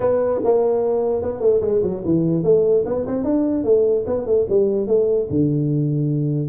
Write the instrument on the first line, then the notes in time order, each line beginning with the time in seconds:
tuba
0.00 B3
0.44 A#3
1.22 B3
1.40 A3
1.61 G#3
1.82 F#3
2.04 E3
2.43 A3
2.85 B3
3.06 C4
3.23 D4
3.64 A3
4.06 B3
4.25 A3
4.49 G3
4.87 A3
5.30 D3